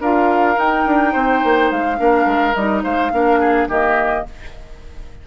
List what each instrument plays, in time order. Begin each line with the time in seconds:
0.00 bassoon D4, clarinet F4, oboe A#4, flute F5
0.56 clarinet D#4, bassoon D#4, flute G5
0.86 bassoon D4
1.12 bassoon C4, oboe C5
1.44 bassoon A#3
1.71 bassoon G#3, flute F5
1.97 bassoon A#3, clarinet D4, oboe A#4
2.26 bassoon G#3
2.54 bassoon G3, clarinet D#4, flute D#5
2.83 bassoon G#3, oboe C5, flute F5
3.12 bassoon A#3, clarinet D4, oboe A#4
3.39 oboe G#4
3.68 bassoon D#3, clarinet A#3, oboe G4, flute D#5